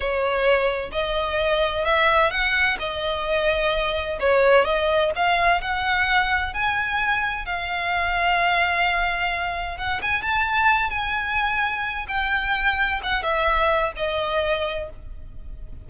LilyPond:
\new Staff \with { instrumentName = "violin" } { \time 4/4 \tempo 4 = 129 cis''2 dis''2 | e''4 fis''4 dis''2~ | dis''4 cis''4 dis''4 f''4 | fis''2 gis''2 |
f''1~ | f''4 fis''8 gis''8 a''4. gis''8~ | gis''2 g''2 | fis''8 e''4. dis''2 | }